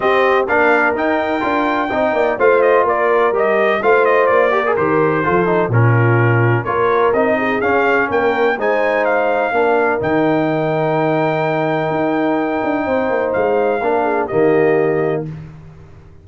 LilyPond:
<<
  \new Staff \with { instrumentName = "trumpet" } { \time 4/4 \tempo 4 = 126 dis''4 f''4 g''2~ | g''4 f''8 dis''8 d''4 dis''4 | f''8 dis''8 d''4 c''2 | ais'2 cis''4 dis''4 |
f''4 g''4 gis''4 f''4~ | f''4 g''2.~ | g''1 | f''2 dis''2 | }
  \new Staff \with { instrumentName = "horn" } { \time 4/4 g'4 ais'2. | dis''8 d''8 c''4 ais'2 | c''4. ais'4. a'4 | f'2 ais'4. gis'8~ |
gis'4 ais'4 c''2 | ais'1~ | ais'2. c''4~ | c''4 ais'8 gis'8 g'2 | }
  \new Staff \with { instrumentName = "trombone" } { \time 4/4 c'4 d'4 dis'4 f'4 | dis'4 f'2 g'4 | f'4. g'16 gis'16 g'4 f'8 dis'8 | cis'2 f'4 dis'4 |
cis'2 dis'2 | d'4 dis'2.~ | dis'1~ | dis'4 d'4 ais2 | }
  \new Staff \with { instrumentName = "tuba" } { \time 4/4 c'4 ais4 dis'4 d'4 | c'8 ais8 a4 ais4 g4 | a4 ais4 dis4 f4 | ais,2 ais4 c'4 |
cis'4 ais4 gis2 | ais4 dis2.~ | dis4 dis'4. d'8 c'8 ais8 | gis4 ais4 dis2 | }
>>